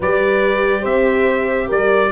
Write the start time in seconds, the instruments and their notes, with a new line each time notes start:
0.00 tuba G3, viola G4, horn B4, trumpet D5
0.81 tuba C4, horn C5, trumpet E5
1.67 tuba G3, horn A#4, trumpet D5
2.06 viola F4